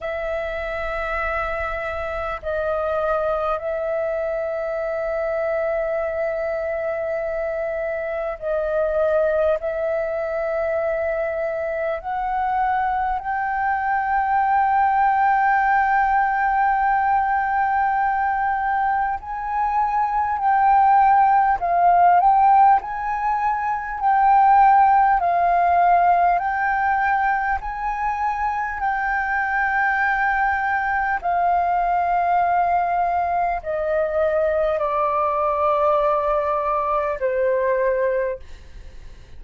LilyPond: \new Staff \with { instrumentName = "flute" } { \time 4/4 \tempo 4 = 50 e''2 dis''4 e''4~ | e''2. dis''4 | e''2 fis''4 g''4~ | g''1 |
gis''4 g''4 f''8 g''8 gis''4 | g''4 f''4 g''4 gis''4 | g''2 f''2 | dis''4 d''2 c''4 | }